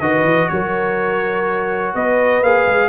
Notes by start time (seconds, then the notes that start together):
0.00 D#3 F#4 B4 D#5
0.23 E3
0.48 F#3 A#4 C#5
1.94 B3 B4 D#5
2.42 A#3 G#4 F5
2.67 G#3